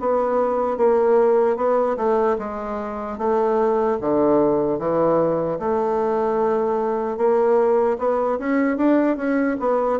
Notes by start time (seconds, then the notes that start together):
0.00 B3
0.77 A#3
1.57 B3
1.97 A3
2.39 G#3
3.18 A3
4.01 D3
4.79 E3
5.59 A3
7.17 A#3
7.99 B3
8.39 C#4
8.77 D4
9.17 C#4
9.60 B3